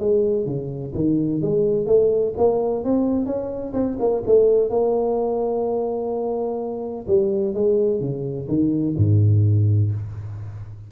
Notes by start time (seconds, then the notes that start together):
0.00 G#3
0.46 C#3
0.95 D#3
1.42 G#3
1.87 A3
2.38 A#3
2.85 C4
3.26 C#4
3.74 C4
4.00 A#3
4.27 A3
4.70 A#3
7.08 G3
7.55 G#3
8.01 C#3
8.49 D#3
8.97 G#2